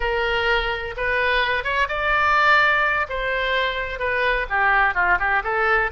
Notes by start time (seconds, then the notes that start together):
0.00 A#4
0.96 B4
1.64 C#5
1.88 D5
3.09 C5
3.99 B4
4.49 G4
4.94 F4
5.19 G4
5.43 A4